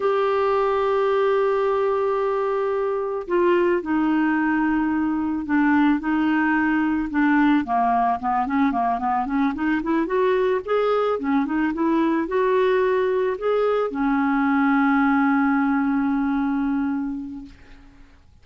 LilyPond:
\new Staff \with { instrumentName = "clarinet" } { \time 4/4 \tempo 4 = 110 g'1~ | g'2 f'4 dis'4~ | dis'2 d'4 dis'4~ | dis'4 d'4 ais4 b8 cis'8 |
ais8 b8 cis'8 dis'8 e'8 fis'4 gis'8~ | gis'8 cis'8 dis'8 e'4 fis'4.~ | fis'8 gis'4 cis'2~ cis'8~ | cis'1 | }